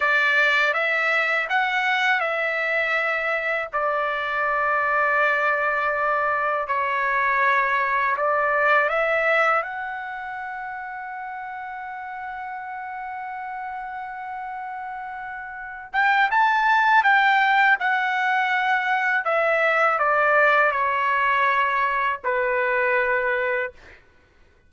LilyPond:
\new Staff \with { instrumentName = "trumpet" } { \time 4/4 \tempo 4 = 81 d''4 e''4 fis''4 e''4~ | e''4 d''2.~ | d''4 cis''2 d''4 | e''4 fis''2.~ |
fis''1~ | fis''4. g''8 a''4 g''4 | fis''2 e''4 d''4 | cis''2 b'2 | }